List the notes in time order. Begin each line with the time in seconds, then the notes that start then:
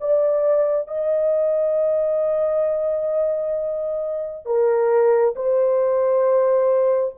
0.00 D5
0.87 D#5
4.45 A#4
5.35 C5